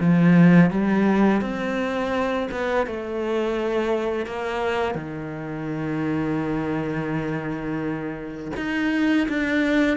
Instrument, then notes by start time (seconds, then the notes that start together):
cello
0.00 F3
0.70 G3
1.42 C4
2.51 B3
2.86 A3
4.26 A#3
4.95 D#3
8.56 D#4
9.29 D4